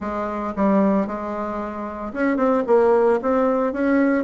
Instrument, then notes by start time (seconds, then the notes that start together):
bassoon
0.00 G#3
0.56 G3
1.06 G#3
2.13 C#4
2.36 C4
2.66 A#3
3.21 C4
3.72 C#4